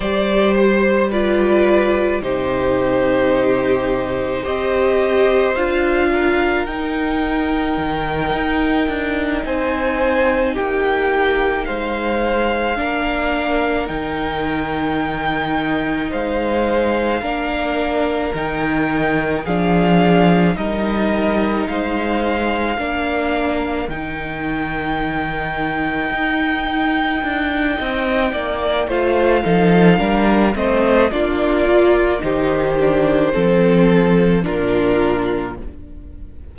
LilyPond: <<
  \new Staff \with { instrumentName = "violin" } { \time 4/4 \tempo 4 = 54 d''8 c''8 d''4 c''2 | dis''4 f''4 g''2~ | g''8 gis''4 g''4 f''4.~ | f''8 g''2 f''4.~ |
f''8 g''4 f''4 dis''4 f''8~ | f''4. g''2~ g''8~ | g''2 f''4. dis''8 | d''4 c''2 ais'4 | }
  \new Staff \with { instrumentName = "violin" } { \time 4/4 c''4 b'4 g'2 | c''4. ais'2~ ais'8~ | ais'8 c''4 g'4 c''4 ais'8~ | ais'2~ ais'8 c''4 ais'8~ |
ais'4. gis'4 ais'4 c''8~ | c''8 ais'2.~ ais'8~ | ais'4 dis''8 d''8 c''8 a'8 ais'8 c''8 | f'4 g'4 a'4 f'4 | }
  \new Staff \with { instrumentName = "viola" } { \time 4/4 g'4 f'4 dis'2 | g'4 f'4 dis'2~ | dis'2.~ dis'8 d'8~ | d'8 dis'2. d'8~ |
d'8 dis'4 d'4 dis'4.~ | dis'8 d'4 dis'2~ dis'8~ | dis'2 f'8 dis'8 d'8 c'8 | d'8 f'8 dis'8 d'8 c'4 d'4 | }
  \new Staff \with { instrumentName = "cello" } { \time 4/4 g2 c2 | c'4 d'4 dis'4 dis8 dis'8 | d'8 c'4 ais4 gis4 ais8~ | ais8 dis2 gis4 ais8~ |
ais8 dis4 f4 g4 gis8~ | gis8 ais4 dis2 dis'8~ | dis'8 d'8 c'8 ais8 a8 f8 g8 a8 | ais4 dis4 f4 ais,4 | }
>>